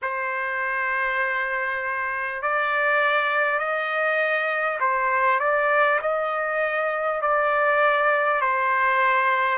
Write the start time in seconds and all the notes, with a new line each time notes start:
0.02 C5
2.42 D5
3.58 D#5
4.80 C5
5.39 D5
6.01 D#5
7.21 D5
8.41 C5